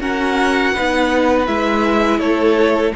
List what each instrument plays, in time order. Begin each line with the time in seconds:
0.00 viola C#4, cello F#4, violin A#4 F#5
0.73 cello B3, viola D#4, violin B4
1.47 cello G#3, viola E4, violin E5
2.19 cello A3, violin A4 C#5